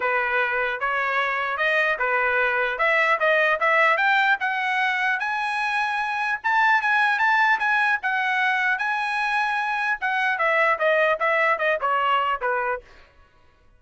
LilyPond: \new Staff \with { instrumentName = "trumpet" } { \time 4/4 \tempo 4 = 150 b'2 cis''2 | dis''4 b'2 e''4 | dis''4 e''4 g''4 fis''4~ | fis''4 gis''2. |
a''4 gis''4 a''4 gis''4 | fis''2 gis''2~ | gis''4 fis''4 e''4 dis''4 | e''4 dis''8 cis''4. b'4 | }